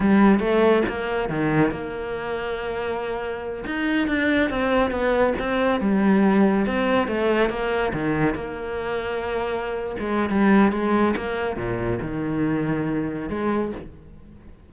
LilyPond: \new Staff \with { instrumentName = "cello" } { \time 4/4 \tempo 4 = 140 g4 a4 ais4 dis4 | ais1~ | ais8 dis'4 d'4 c'4 b8~ | b8 c'4 g2 c'8~ |
c'8 a4 ais4 dis4 ais8~ | ais2.~ ais16 gis8. | g4 gis4 ais4 ais,4 | dis2. gis4 | }